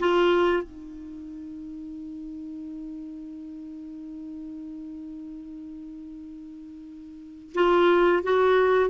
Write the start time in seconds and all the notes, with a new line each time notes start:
0.00 F4
0.64 D#4
7.55 F4
8.24 F#4